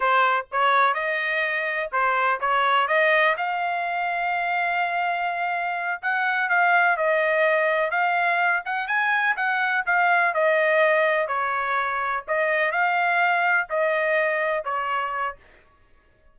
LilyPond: \new Staff \with { instrumentName = "trumpet" } { \time 4/4 \tempo 4 = 125 c''4 cis''4 dis''2 | c''4 cis''4 dis''4 f''4~ | f''1~ | f''8 fis''4 f''4 dis''4.~ |
dis''8 f''4. fis''8 gis''4 fis''8~ | fis''8 f''4 dis''2 cis''8~ | cis''4. dis''4 f''4.~ | f''8 dis''2 cis''4. | }